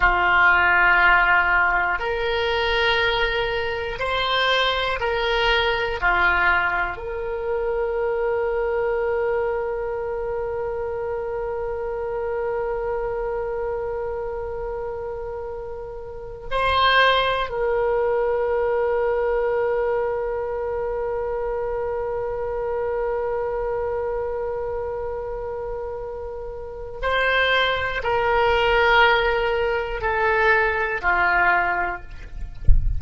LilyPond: \new Staff \with { instrumentName = "oboe" } { \time 4/4 \tempo 4 = 60 f'2 ais'2 | c''4 ais'4 f'4 ais'4~ | ais'1~ | ais'1~ |
ais'8 c''4 ais'2~ ais'8~ | ais'1~ | ais'2. c''4 | ais'2 a'4 f'4 | }